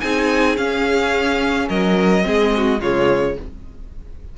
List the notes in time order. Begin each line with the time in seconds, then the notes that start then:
0.00 C4 D#4 G#4 G#5
0.57 C#4 F5
1.68 F#3 A#4 D#5
2.22 G#3 C4 G#4
2.56 F#4
2.80 C#3 G#3 F4 C#5